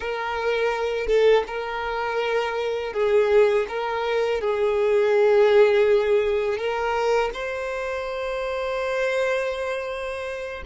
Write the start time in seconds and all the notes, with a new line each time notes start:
0.00 A#4
1.06 A4
1.47 A#4
2.93 G#4
3.68 A#4
4.41 G#4
6.57 A#4
7.33 C5